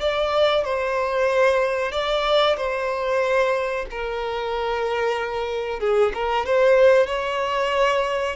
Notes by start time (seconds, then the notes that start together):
0.00 D5
0.64 C5
1.91 D5
2.57 C5
3.90 A#4
5.79 G#4
6.14 A#4
6.45 C5
7.06 C#5